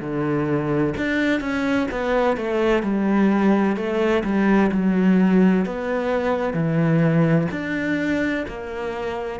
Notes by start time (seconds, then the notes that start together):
0.00 D3
0.97 D4
1.40 C#4
1.90 B3
2.36 A3
2.83 G3
3.76 A3
4.24 G3
4.71 F#3
5.65 B3
6.53 E3
7.51 D4
8.48 A#3